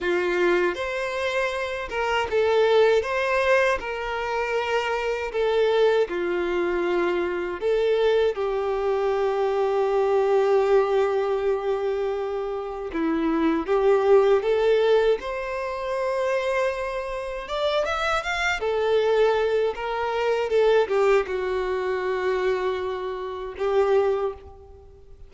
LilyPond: \new Staff \with { instrumentName = "violin" } { \time 4/4 \tempo 4 = 79 f'4 c''4. ais'8 a'4 | c''4 ais'2 a'4 | f'2 a'4 g'4~ | g'1~ |
g'4 e'4 g'4 a'4 | c''2. d''8 e''8 | f''8 a'4. ais'4 a'8 g'8 | fis'2. g'4 | }